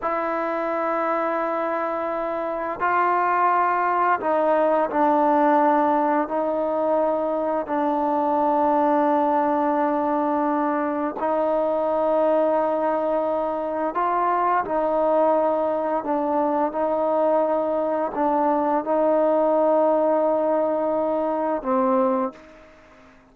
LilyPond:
\new Staff \with { instrumentName = "trombone" } { \time 4/4 \tempo 4 = 86 e'1 | f'2 dis'4 d'4~ | d'4 dis'2 d'4~ | d'1 |
dis'1 | f'4 dis'2 d'4 | dis'2 d'4 dis'4~ | dis'2. c'4 | }